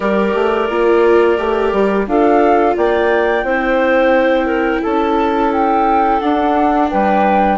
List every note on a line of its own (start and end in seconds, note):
0.00 0.34 G3
0.00 0.68 G4
0.00 2.07 A#4
0.00 2.06 D5
0.34 0.69 A3
0.69 1.38 A#3
0.69 1.37 F4
1.37 1.72 A3
1.37 2.06 G4
1.72 2.07 G3
2.07 2.76 D4
2.07 3.45 F4
2.07 2.76 A4
2.07 2.76 F5
2.76 3.43 A#3
2.76 3.45 D5
2.76 4.82 G5
3.43 4.81 C4
3.43 6.21 E4
3.43 4.46 C5
4.46 4.80 A#4
4.81 6.21 C#4
4.81 6.88 A4
4.81 5.51 A5
5.52 6.19 G5
6.19 7.57 D4
6.19 6.90 D4
6.19 6.88 F#5
6.89 7.57 G3
6.89 7.57 B4
6.89 7.57 G5